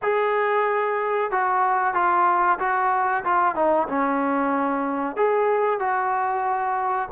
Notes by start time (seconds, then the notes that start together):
0.02 G#4
1.31 F#4
1.94 F4
2.59 F#4
3.24 F4
3.55 D#4
3.88 C#4
5.16 G#4
5.79 F#4